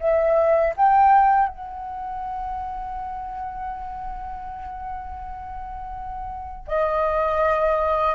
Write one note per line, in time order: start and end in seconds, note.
0.00 0.74 E5
0.77 1.49 G5
1.49 6.67 F#5
6.68 8.15 D#5